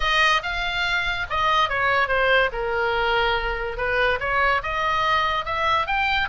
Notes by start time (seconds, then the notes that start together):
0.00 D#5
0.43 F5
1.30 D#5
1.69 C#5
2.08 C5
2.52 A#4
3.77 B4
4.20 C#5
4.62 D#5
5.45 E5
5.86 G5